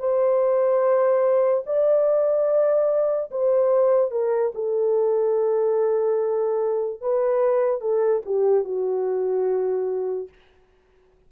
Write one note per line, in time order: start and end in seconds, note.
0.00 1.64 C5
1.67 3.31 D5
3.31 4.11 C5
4.11 4.52 A#4
4.55 7.02 A4
7.02 7.82 B4
7.82 8.23 A4
8.26 8.65 G4
8.65 10.29 F#4